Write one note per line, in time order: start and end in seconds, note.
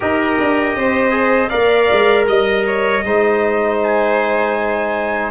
0.00 0.39 D#4
0.00 1.10 G4
0.00 0.76 A#4
0.00 1.49 D#5
0.39 0.75 D4
0.75 1.51 C4
0.75 1.49 C5
1.10 1.48 G#4
1.49 1.90 A#3
1.49 3.02 A#4
1.49 2.25 D5
1.49 2.25 F5
1.92 2.28 G#3
2.27 3.03 G3
2.27 2.65 D#5
2.27 3.80 D#5
2.66 3.04 C#5
3.04 5.30 G#3
3.04 5.30 D#4
3.04 5.30 C5
3.83 5.30 G#5